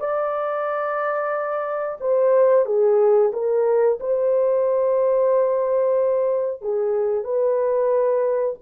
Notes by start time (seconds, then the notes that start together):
0.00 D5
2.00 C5
2.66 G#4
3.33 A#4
4.00 C5
6.61 G#4
7.24 B4